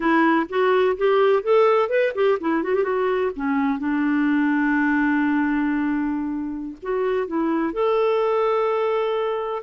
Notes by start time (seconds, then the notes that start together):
0.00 E4
0.49 F#4
0.97 G4
1.43 A4
1.89 B4
2.14 G4
2.40 E4
2.63 F#4
2.74 G4
2.83 F#4
3.35 C#4
3.79 D4
6.82 F#4
7.27 E4
7.73 A4